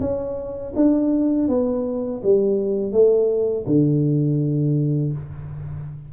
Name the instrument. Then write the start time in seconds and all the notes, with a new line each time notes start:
tuba
0.00 C#4
0.76 D4
1.48 B3
2.24 G3
2.92 A3
3.66 D3